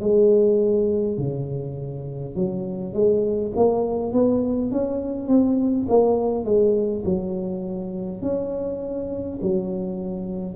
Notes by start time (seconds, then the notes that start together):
0.00 G#3
1.18 C#3
2.35 F#3
2.93 G#3
3.55 A#3
4.12 B3
4.71 C#4
5.28 C4
5.88 A#3
6.44 G#3
7.05 F#3
8.21 C#4
9.41 F#3